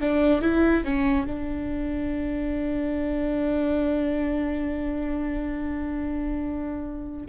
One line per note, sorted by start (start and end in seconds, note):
0.00 0.41 D4
0.41 0.84 E4
0.84 1.26 C#4
1.26 7.26 D4